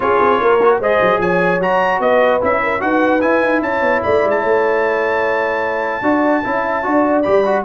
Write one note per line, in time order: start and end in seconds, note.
0.00 0.19 C#4
0.00 0.60 F4
0.00 0.41 G#4
0.00 0.80 C#5
0.20 0.40 C4
0.40 0.79 A#3
0.40 0.80 A#4
0.62 0.82 F#4
0.79 0.99 G#3
0.79 1.61 G#4
0.79 1.20 C5
0.79 1.20 D#5
1.01 1.19 F#3
1.19 1.59 F3
1.19 1.99 C#5
1.19 1.61 G#5
1.59 1.99 F#3
1.59 2.41 F#4
1.59 2.01 A#5
1.99 2.39 B3
1.99 2.60 B4
1.99 2.41 D#5
2.41 2.82 C#4
2.41 2.79 E4
2.41 2.81 E5
2.62 2.82 A#4
2.79 3.22 D#4
2.79 3.20 F#4
2.79 3.63 B4
2.79 3.21 F#5
3.21 6.02 E4
3.21 3.42 E4
3.21 3.61 G#5
3.42 3.61 D#4
3.61 3.81 C#4
3.61 4.04 C#5
3.61 4.02 A5
3.81 4.01 B3
4.02 4.24 A3
4.02 4.41 D5
4.02 4.30 B5
4.24 4.43 G#3
4.30 7.22 A5
4.41 6.02 A3
4.41 6.02 C#5
6.02 6.42 D4
6.02 6.43 F#4
6.02 6.44 D5
6.43 6.86 C#4
6.43 6.83 E4
6.43 6.85 E5
6.83 7.26 D4
6.83 7.23 F#4
6.83 7.64 D5
7.22 7.64 G3
7.22 7.44 G4
7.22 7.62 B5
7.45 7.64 F#4